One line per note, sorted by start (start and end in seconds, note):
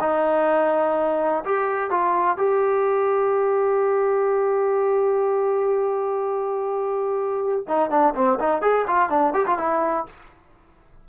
0.00 1.44 D#4
1.45 1.90 G4
1.90 2.37 F4
2.37 7.65 G4
7.68 7.90 D#4
7.90 8.14 D4
8.15 8.39 C4
8.40 8.61 D#4
8.61 8.85 G#4
8.87 9.09 F4
9.09 9.33 D4
9.34 9.46 G4
9.46 9.58 F4
9.58 10.06 E4